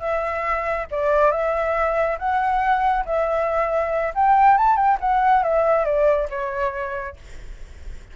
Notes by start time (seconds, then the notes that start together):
0.00 E5
0.91 D5
1.32 E5
2.19 F#5
3.06 E5
4.15 G5
4.58 A5
4.76 G5
5.01 F#5
5.43 E5
5.85 D5
6.30 C#5